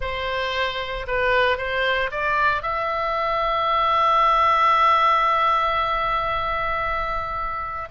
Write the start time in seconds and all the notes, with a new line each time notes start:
0.00 C5
1.07 B4
1.57 C5
2.11 D5
2.62 E5